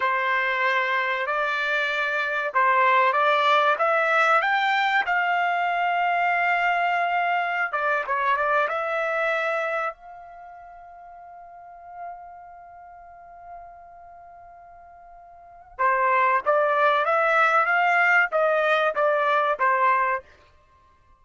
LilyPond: \new Staff \with { instrumentName = "trumpet" } { \time 4/4 \tempo 4 = 95 c''2 d''2 | c''4 d''4 e''4 g''4 | f''1~ | f''16 d''8 cis''8 d''8 e''2 f''16~ |
f''1~ | f''1~ | f''4 c''4 d''4 e''4 | f''4 dis''4 d''4 c''4 | }